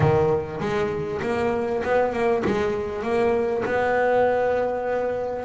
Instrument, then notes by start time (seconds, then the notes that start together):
double bass
0.00 D#3
0.60 G#3
1.21 A#3
1.83 B3
2.12 A#3
2.44 G#3
3.02 A#3
3.65 B3